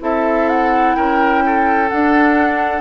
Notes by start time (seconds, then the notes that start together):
0.00 C4 E4 A4 E5
0.48 F#5
0.95 C#4 A#4 G5
1.46 A4
1.88 D4 F#5